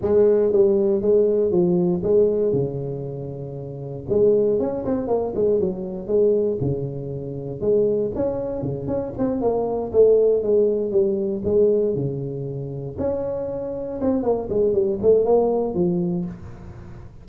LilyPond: \new Staff \with { instrumentName = "tuba" } { \time 4/4 \tempo 4 = 118 gis4 g4 gis4 f4 | gis4 cis2. | gis4 cis'8 c'8 ais8 gis8 fis4 | gis4 cis2 gis4 |
cis'4 cis8 cis'8 c'8 ais4 a8~ | a8 gis4 g4 gis4 cis8~ | cis4. cis'2 c'8 | ais8 gis8 g8 a8 ais4 f4 | }